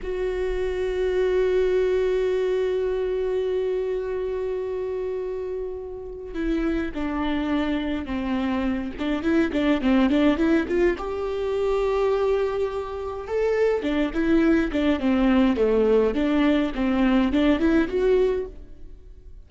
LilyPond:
\new Staff \with { instrumentName = "viola" } { \time 4/4 \tempo 4 = 104 fis'1~ | fis'1~ | fis'2. e'4 | d'2 c'4. d'8 |
e'8 d'8 c'8 d'8 e'8 f'8 g'4~ | g'2. a'4 | d'8 e'4 d'8 c'4 a4 | d'4 c'4 d'8 e'8 fis'4 | }